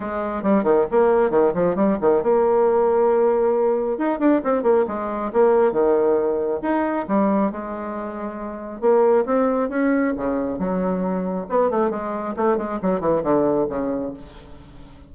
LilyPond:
\new Staff \with { instrumentName = "bassoon" } { \time 4/4 \tempo 4 = 136 gis4 g8 dis8 ais4 dis8 f8 | g8 dis8 ais2.~ | ais4 dis'8 d'8 c'8 ais8 gis4 | ais4 dis2 dis'4 |
g4 gis2. | ais4 c'4 cis'4 cis4 | fis2 b8 a8 gis4 | a8 gis8 fis8 e8 d4 cis4 | }